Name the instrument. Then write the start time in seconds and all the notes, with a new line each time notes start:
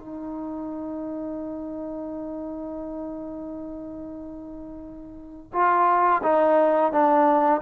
trombone
0.00 D#4
5.53 F4
6.23 D#4
6.92 D4